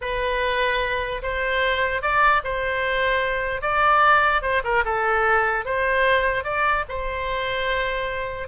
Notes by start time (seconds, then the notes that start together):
0.01 B4
1.22 C5
2.01 D5
2.44 C5
3.61 D5
4.42 C5
4.63 A#4
4.84 A4
5.65 C5
6.44 D5
6.88 C5